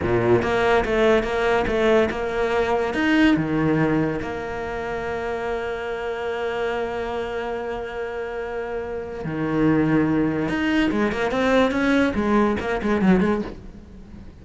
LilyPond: \new Staff \with { instrumentName = "cello" } { \time 4/4 \tempo 4 = 143 ais,4 ais4 a4 ais4 | a4 ais2 dis'4 | dis2 ais2~ | ais1~ |
ais1~ | ais2 dis2~ | dis4 dis'4 gis8 ais8 c'4 | cis'4 gis4 ais8 gis8 fis8 gis8 | }